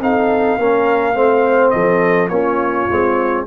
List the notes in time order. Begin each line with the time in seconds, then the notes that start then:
0.00 C4 D#4 A4 F5
0.58 A#3 C#4 A#4
1.14 A3 C4 C5
1.71 F3 A4 D#5
2.29 A#3 C#4 F4 C#5
2.89 G#3 C4